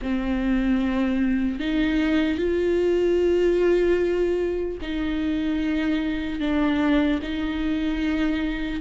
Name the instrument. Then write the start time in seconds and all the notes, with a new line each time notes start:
viola
0.02 C4
1.59 D#4
2.37 F4
4.81 D#4
6.40 D4
7.22 D#4